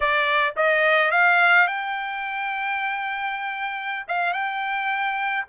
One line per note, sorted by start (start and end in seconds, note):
0.00 0.54 D5
0.56 1.11 D#5
1.11 1.67 F5
1.67 4.05 G5
4.08 4.33 F5
4.33 5.45 G5